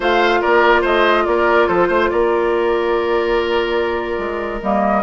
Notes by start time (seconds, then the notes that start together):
0.00 A3 F4 C5 F5
0.41 A#3 A#4 D5
0.81 A3 C5 D#5
1.26 A#3 A#4 D5
1.68 F3 A4 C5
1.88 A3 C5
2.09 A#3 A#4 D5
4.18 G#3
4.62 G3 A#3 D#5